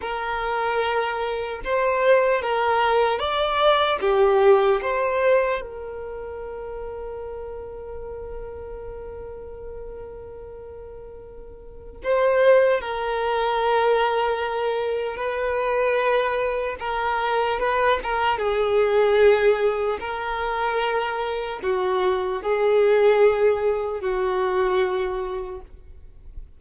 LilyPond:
\new Staff \with { instrumentName = "violin" } { \time 4/4 \tempo 4 = 75 ais'2 c''4 ais'4 | d''4 g'4 c''4 ais'4~ | ais'1~ | ais'2. c''4 |
ais'2. b'4~ | b'4 ais'4 b'8 ais'8 gis'4~ | gis'4 ais'2 fis'4 | gis'2 fis'2 | }